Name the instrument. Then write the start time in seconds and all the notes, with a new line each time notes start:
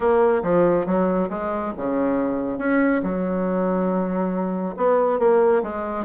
bassoon
0.00 A#3
0.43 F3
0.86 F#3
1.29 G#3
1.77 C#3
2.58 C#4
3.02 F#3
4.76 B3
5.19 A#3
5.62 G#3